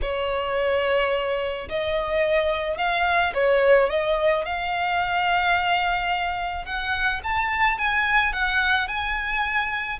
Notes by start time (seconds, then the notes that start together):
0.02 C#5
1.68 D#5
2.77 F5
3.34 C#5
3.89 D#5
4.45 F5
6.65 F#5
7.23 A5
7.78 G#5
8.32 F#5
8.88 G#5